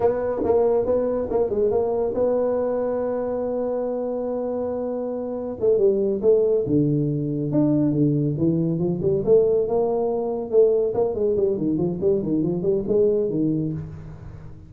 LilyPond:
\new Staff \with { instrumentName = "tuba" } { \time 4/4 \tempo 4 = 140 b4 ais4 b4 ais8 gis8 | ais4 b2.~ | b1~ | b4 a8 g4 a4 d8~ |
d4. d'4 d4 e8~ | e8 f8 g8 a4 ais4.~ | ais8 a4 ais8 gis8 g8 dis8 f8 | g8 dis8 f8 g8 gis4 dis4 | }